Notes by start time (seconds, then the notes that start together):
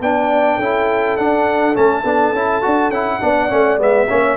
0.00 B3 D4 D5 G5
0.56 C#4 E4 A4
1.17 D4 F#5
1.74 A3 C#4 A5
2.04 B3 D4
2.33 C#4 E4
2.62 D4 F#4
2.89 C#4 E4 F#5
3.20 B3 D4 D5
3.49 A3 C#4
3.78 G#3 B3 E5
4.08 A#3 C#4 C#5